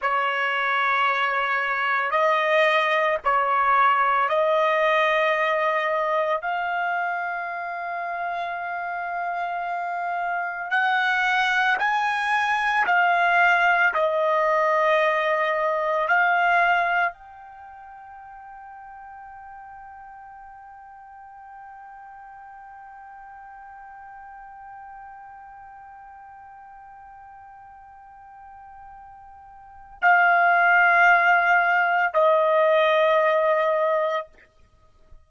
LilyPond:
\new Staff \with { instrumentName = "trumpet" } { \time 4/4 \tempo 4 = 56 cis''2 dis''4 cis''4 | dis''2 f''2~ | f''2 fis''4 gis''4 | f''4 dis''2 f''4 |
g''1~ | g''1~ | g''1 | f''2 dis''2 | }